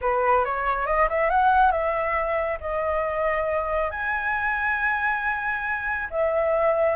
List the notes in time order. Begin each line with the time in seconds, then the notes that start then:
0.01 B4
0.45 C#5
0.86 D#5
1.09 E5
1.30 F#5
1.71 E5
2.60 D#5
3.90 G#5
6.10 E5